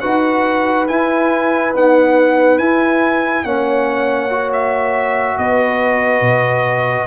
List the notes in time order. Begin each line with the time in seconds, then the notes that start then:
0.00 D#4 F#4 B4 F#5
0.87 E4 G#5
1.74 B3 D#4 F#5
2.58 E4 G#5
3.44 A#3 C#4 C#5 F#5
4.29 F#4
4.52 E5
5.37 B3 B4 D#5
6.21 B2